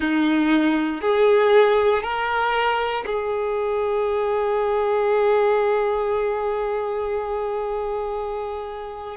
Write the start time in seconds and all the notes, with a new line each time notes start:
0.00 D#4
1.01 G#4
2.02 A#4
3.06 G#4